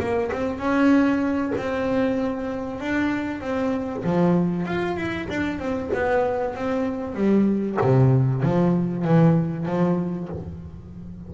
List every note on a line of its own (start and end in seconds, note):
0.00 0.31 A#3
0.32 0.59 C4
0.59 1.53 C#4
1.57 2.81 C4
2.81 3.41 D4
3.41 4.04 C4
4.04 4.66 F3
4.66 4.97 F4
4.97 5.28 E4
5.30 5.59 D4
5.59 5.91 C4
5.94 6.55 B3
6.55 7.15 C4
7.15 7.78 G3
7.82 8.43 C3
8.43 9.05 F3
9.05 9.66 E3
9.66 10.29 F3